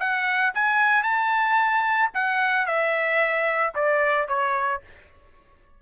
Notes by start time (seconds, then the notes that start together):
0.00 F#5
0.55 G#5
1.03 A5
2.14 F#5
2.67 E5
3.75 D5
4.28 C#5